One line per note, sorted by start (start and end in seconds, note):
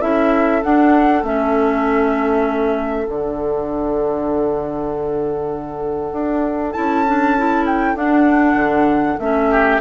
0.00 0.63 C#4
0.00 0.62 E4
0.00 9.49 A4
0.00 0.62 E5
0.62 1.24 D4
0.62 1.23 D4
0.62 1.24 F#5
1.23 3.07 A3
1.23 3.07 C#4
1.23 3.07 E5
3.07 6.12 D3
3.07 6.74 D4
3.07 6.72 F#5
6.12 6.73 D4
6.72 7.95 C#4
6.72 7.05 E4
6.72 7.64 A5
7.07 7.37 D4
7.38 7.96 E4
7.66 7.97 G5
7.95 8.54 D4
7.95 9.18 D4
7.95 9.20 F#5
8.54 9.15 D3
9.19 9.80 A3
9.19 9.81 C#4
9.19 9.81 E5
9.51 9.81 G4